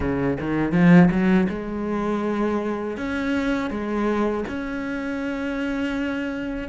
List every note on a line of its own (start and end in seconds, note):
0.00 0.37 C#3
0.40 0.72 D#3
0.72 1.09 F3
1.10 1.47 F#3
1.49 2.97 G#3
2.97 3.70 C#4
3.70 4.44 G#3
4.47 6.68 C#4